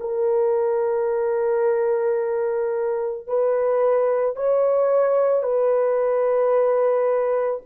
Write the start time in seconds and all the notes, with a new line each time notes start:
0.00 A#4
3.27 B4
4.36 C#5
5.42 B4